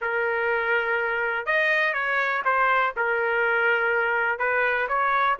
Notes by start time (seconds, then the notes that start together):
0.01 A#4
1.45 D#5
1.93 C#5
2.44 C5
2.96 A#4
4.38 B4
4.88 C#5